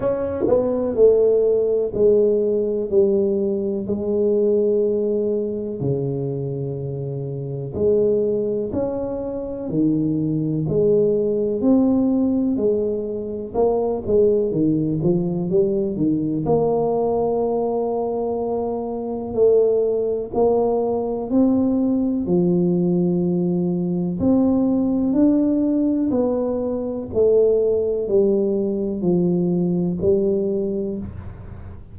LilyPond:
\new Staff \with { instrumentName = "tuba" } { \time 4/4 \tempo 4 = 62 cis'8 b8 a4 gis4 g4 | gis2 cis2 | gis4 cis'4 dis4 gis4 | c'4 gis4 ais8 gis8 dis8 f8 |
g8 dis8 ais2. | a4 ais4 c'4 f4~ | f4 c'4 d'4 b4 | a4 g4 f4 g4 | }